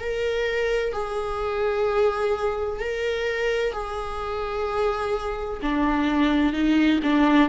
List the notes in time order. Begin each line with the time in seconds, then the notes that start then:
0.00 A#4
0.92 G#4
2.80 A#4
3.72 G#4
5.62 D4
6.53 D#4
7.03 D4